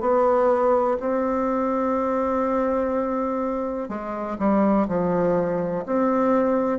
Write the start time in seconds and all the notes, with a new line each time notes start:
0.00 B3
1.00 C4
3.88 G#3
4.39 G3
4.87 F3
5.85 C4